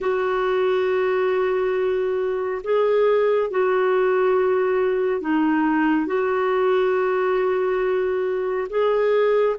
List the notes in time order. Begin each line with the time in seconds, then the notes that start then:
0.00 F#4
2.63 G#4
3.50 F#4
5.21 D#4
6.06 F#4
8.69 G#4